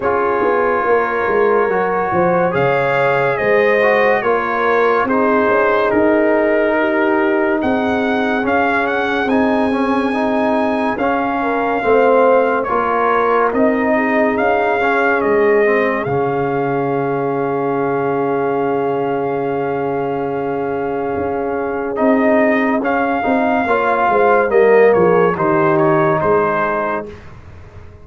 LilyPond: <<
  \new Staff \with { instrumentName = "trumpet" } { \time 4/4 \tempo 4 = 71 cis''2. f''4 | dis''4 cis''4 c''4 ais'4~ | ais'4 fis''4 f''8 fis''8 gis''4~ | gis''4 f''2 cis''4 |
dis''4 f''4 dis''4 f''4~ | f''1~ | f''2 dis''4 f''4~ | f''4 dis''8 cis''8 c''8 cis''8 c''4 | }
  \new Staff \with { instrumentName = "horn" } { \time 4/4 gis'4 ais'4. c''8 cis''4 | c''4 ais'4 gis'2 | g'4 gis'2.~ | gis'4. ais'8 c''4 ais'4~ |
ais'8 gis'2.~ gis'8~ | gis'1~ | gis'1 | cis''8 c''8 ais'8 gis'8 g'4 gis'4 | }
  \new Staff \with { instrumentName = "trombone" } { \time 4/4 f'2 fis'4 gis'4~ | gis'8 fis'8 f'4 dis'2~ | dis'2 cis'4 dis'8 cis'8 | dis'4 cis'4 c'4 f'4 |
dis'4. cis'4 c'8 cis'4~ | cis'1~ | cis'2 dis'4 cis'8 dis'8 | f'4 ais4 dis'2 | }
  \new Staff \with { instrumentName = "tuba" } { \time 4/4 cis'8 b8 ais8 gis8 fis8 f8 cis4 | gis4 ais4 c'8 cis'8 dis'4~ | dis'4 c'4 cis'4 c'4~ | c'4 cis'4 a4 ais4 |
c'4 cis'4 gis4 cis4~ | cis1~ | cis4 cis'4 c'4 cis'8 c'8 | ais8 gis8 g8 f8 dis4 gis4 | }
>>